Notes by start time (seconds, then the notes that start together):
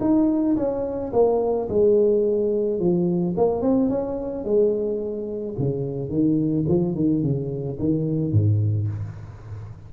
0.00 D#4
0.56 C#4
1.12 A#3
1.69 G#3
2.79 F3
3.37 A#3
3.61 C4
3.89 C#4
4.44 G#3
5.58 C#3
6.09 D#3
6.68 F3
6.94 D#3
7.22 C#3
7.79 D#3
8.32 G#2